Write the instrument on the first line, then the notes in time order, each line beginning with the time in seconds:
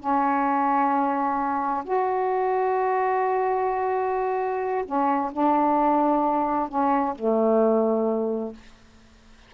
saxophone
0.00 C#4
1.85 F#4
4.86 C#4
5.33 D4
6.69 C#4
7.16 A3